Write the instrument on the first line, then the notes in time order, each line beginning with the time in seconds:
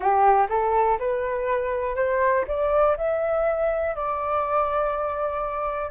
flute
0.00 G4
0.49 A4
0.99 B4
1.95 C5
2.47 D5
2.97 E5
3.95 D5